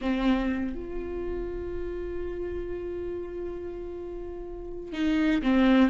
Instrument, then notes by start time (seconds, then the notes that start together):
viola
0.01 C4
0.75 F4
4.92 D#4
5.42 C4